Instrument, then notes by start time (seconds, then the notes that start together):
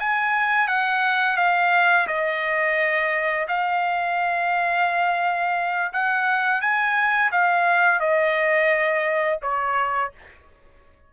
trumpet
0.00 G#5
0.68 F#5
1.37 F5
2.08 D#5
3.49 F5
5.93 F#5
6.62 G#5
7.32 F5
8.00 D#5
9.42 C#5